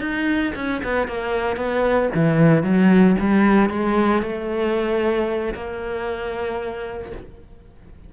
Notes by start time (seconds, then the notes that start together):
0.00 D#4
0.55 C#4
0.84 B3
1.08 A#3
1.56 B3
2.14 E3
2.63 F#3
3.19 G3
3.70 G#3
4.22 A3
5.54 A#3